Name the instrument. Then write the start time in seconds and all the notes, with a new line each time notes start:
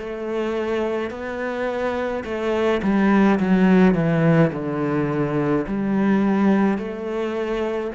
cello
0.00 A3
1.11 B3
2.25 A3
2.83 G3
3.40 F#3
3.95 E3
4.53 D3
5.68 G3
6.79 A3